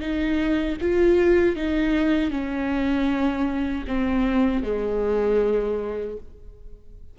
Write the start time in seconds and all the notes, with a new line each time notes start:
0.00 D#4
0.81 F4
1.56 D#4
2.30 C#4
3.87 C4
4.63 G#3